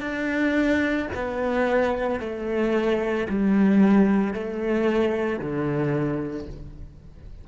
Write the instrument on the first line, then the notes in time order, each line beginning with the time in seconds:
cello
0.00 D4
1.15 B3
2.20 A3
3.29 G3
4.33 A3
5.39 D3